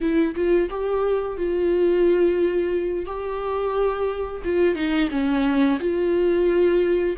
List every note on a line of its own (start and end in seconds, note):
0.00 0.34 E4
0.35 0.69 F4
0.69 1.37 G4
1.37 3.05 F4
3.05 4.42 G4
4.44 4.75 F4
4.75 5.09 D#4
5.10 5.79 C#4
5.79 7.16 F4